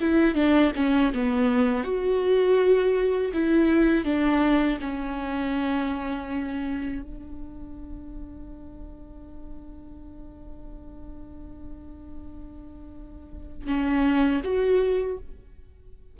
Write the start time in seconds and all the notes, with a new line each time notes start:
0.00 E4
0.35 D4
0.76 C#4
1.14 B3
1.84 F#4
3.33 E4
4.05 D4
4.81 C#4
7.02 D4
13.67 C#4
14.44 F#4